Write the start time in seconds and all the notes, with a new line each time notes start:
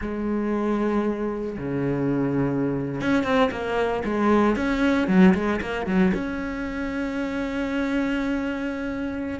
0.01 G#3
1.57 C#3
3.01 C#4
3.23 C4
3.51 A#3
4.04 G#3
4.56 C#4
5.08 F#3
5.34 G#3
5.61 A#3
5.86 F#3
6.14 C#4